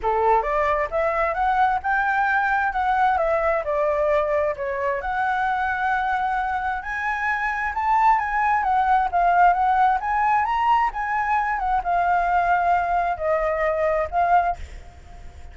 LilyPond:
\new Staff \with { instrumentName = "flute" } { \time 4/4 \tempo 4 = 132 a'4 d''4 e''4 fis''4 | g''2 fis''4 e''4 | d''2 cis''4 fis''4~ | fis''2. gis''4~ |
gis''4 a''4 gis''4 fis''4 | f''4 fis''4 gis''4 ais''4 | gis''4. fis''8 f''2~ | f''4 dis''2 f''4 | }